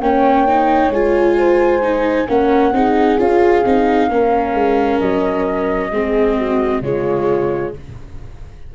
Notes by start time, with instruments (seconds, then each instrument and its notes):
0.00 tuba A#3, viola C#4, horn C#5, flute G5
0.48 viola D#4
0.90 tuba G#3, viola F4, flute G#5
1.38 horn C5
1.82 viola D#4
2.28 tuba A#3, viola C#4, horn A#4, flute F#5
2.72 tuba C4, viola D#4, horn G#4
3.18 tuba C#4, viola F4, flute F5
3.65 tuba C4, viola D#4
4.09 tuba A#3, viola C#4, horn A#4
4.54 tuba G#3
5.00 tuba F#3, flute D#5
5.91 tuba G#3, viola C4, horn G#4
6.37 horn F#4
6.81 tuba C#3, viola G#3, horn F4, flute C#5